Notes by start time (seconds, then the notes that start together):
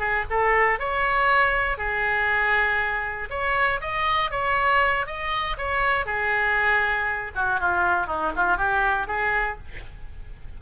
0.00 G#4
0.30 A4
0.80 C#5
1.78 G#4
3.30 C#5
3.81 D#5
4.31 C#5
5.06 D#5
5.58 C#5
6.06 G#4
7.36 F#4
7.60 F4
8.07 D#4
8.36 F4
8.57 G4
9.08 G#4